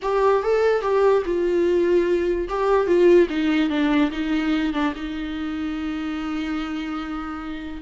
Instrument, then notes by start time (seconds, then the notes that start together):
viola
0.02 G4
0.42 A4
0.81 G4
1.25 F4
2.48 G4
2.86 F4
3.29 D#4
3.69 D4
4.11 D#4
4.73 D4
4.95 D#4